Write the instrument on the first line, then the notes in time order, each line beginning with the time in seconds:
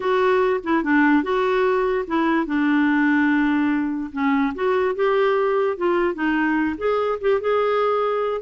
clarinet
0.00 F#4
0.63 E4
0.83 D4
1.23 F#4
2.07 E4
2.46 D4
4.12 C#4
4.54 F#4
4.95 G4
5.77 F4
6.14 D#4
6.77 G#4
7.20 G4
7.41 G#4